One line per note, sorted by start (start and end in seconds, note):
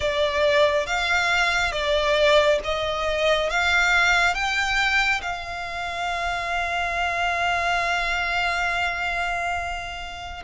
0.00 0.86 D5
0.86 1.72 F5
1.72 2.59 D5
2.63 3.50 D#5
3.50 4.34 F5
4.34 5.21 G5
5.21 10.43 F5